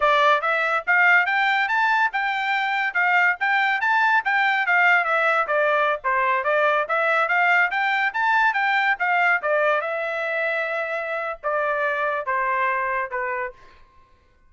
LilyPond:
\new Staff \with { instrumentName = "trumpet" } { \time 4/4 \tempo 4 = 142 d''4 e''4 f''4 g''4 | a''4 g''2 f''4 | g''4 a''4 g''4 f''4 | e''4 d''4~ d''16 c''4 d''8.~ |
d''16 e''4 f''4 g''4 a''8.~ | a''16 g''4 f''4 d''4 e''8.~ | e''2. d''4~ | d''4 c''2 b'4 | }